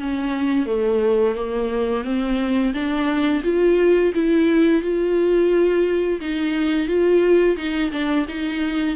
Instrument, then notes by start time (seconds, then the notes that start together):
viola
0.00 C#4
0.66 A3
1.35 A#3
2.04 C4
2.74 D4
3.44 F4
4.14 E4
4.82 F4
6.21 D#4
6.88 F4
7.57 D#4
7.92 D4
8.29 D#4